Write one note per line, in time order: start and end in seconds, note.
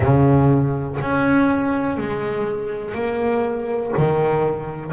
0.00 0.98 C#3
1.01 1.97 C#4
1.97 2.94 G#3
2.94 3.93 A#3
3.97 4.92 D#3